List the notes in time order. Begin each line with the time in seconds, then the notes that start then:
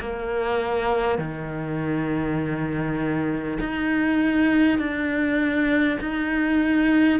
0.00 A#3
1.18 D#3
3.59 D#4
4.78 D4
6.01 D#4